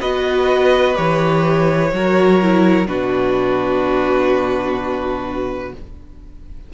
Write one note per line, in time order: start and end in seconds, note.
0.00 0.97 B3
0.00 0.94 F#4
0.00 1.90 B4
0.00 0.96 D#5
0.94 1.92 E3
0.94 1.89 G4
0.94 2.86 C#5
1.92 2.86 F#3
1.92 2.40 F#4
1.92 2.87 A#4
2.41 2.86 E4
2.86 5.72 B2
2.86 5.72 D4
2.86 5.73 F#4
2.86 5.73 B4